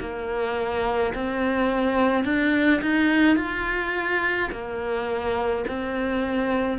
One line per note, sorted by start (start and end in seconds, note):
0.00 1.13 A#3
1.14 2.24 C4
2.24 2.81 D4
2.81 3.36 D#4
3.36 4.49 F4
4.51 5.64 A#3
5.68 6.78 C4